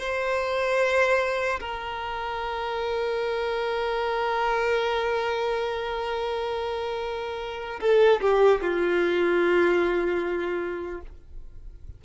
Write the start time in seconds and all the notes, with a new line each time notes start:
0.00 C5
1.60 A#4
7.81 A4
8.21 G4
8.61 F4